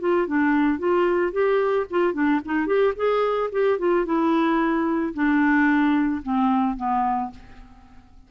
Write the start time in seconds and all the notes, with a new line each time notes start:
0.00 F4
0.27 D4
0.79 F4
1.32 G4
1.90 F4
2.14 D4
2.45 D#4
2.67 G4
2.96 G#4
3.52 G4
3.79 F4
4.06 E4
5.14 D4
6.23 C4
6.77 B3